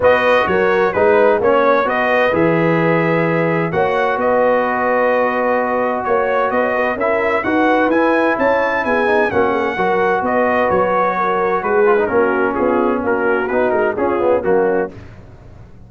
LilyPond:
<<
  \new Staff \with { instrumentName = "trumpet" } { \time 4/4 \tempo 4 = 129 dis''4 cis''4 b'4 cis''4 | dis''4 e''2. | fis''4 dis''2.~ | dis''4 cis''4 dis''4 e''4 |
fis''4 gis''4 a''4 gis''4 | fis''2 dis''4 cis''4~ | cis''4 b'4 ais'4 gis'4 | ais'4 b'8 ais'8 gis'4 fis'4 | }
  \new Staff \with { instrumentName = "horn" } { \time 4/4 b'4 ais'4 b'4 cis''4 | b'1 | cis''4 b'2.~ | b'4 cis''4 b'16 cis''16 b'8 ais'4 |
b'2 cis''4 gis'4 | fis'8 gis'8 ais'4 b'2 | ais'4 gis'4 fis'4 f'4 | fis'2 f'4 cis'4 | }
  \new Staff \with { instrumentName = "trombone" } { \time 4/4 fis'2 dis'4 cis'4 | fis'4 gis'2. | fis'1~ | fis'2. e'4 |
fis'4 e'2~ e'8 dis'8 | cis'4 fis'2.~ | fis'4. f'16 dis'16 cis'2~ | cis'4 dis'4 cis'8 b8 ais4 | }
  \new Staff \with { instrumentName = "tuba" } { \time 4/4 b4 fis4 gis4 ais4 | b4 e2. | ais4 b2.~ | b4 ais4 b4 cis'4 |
dis'4 e'4 cis'4 b4 | ais4 fis4 b4 fis4~ | fis4 gis4 ais4 b4 | ais4 b8 gis8 cis'4 fis4 | }
>>